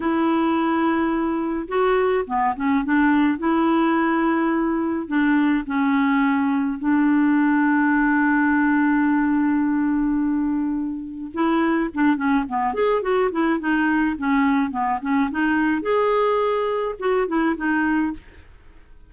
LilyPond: \new Staff \with { instrumentName = "clarinet" } { \time 4/4 \tempo 4 = 106 e'2. fis'4 | b8 cis'8 d'4 e'2~ | e'4 d'4 cis'2 | d'1~ |
d'1 | e'4 d'8 cis'8 b8 gis'8 fis'8 e'8 | dis'4 cis'4 b8 cis'8 dis'4 | gis'2 fis'8 e'8 dis'4 | }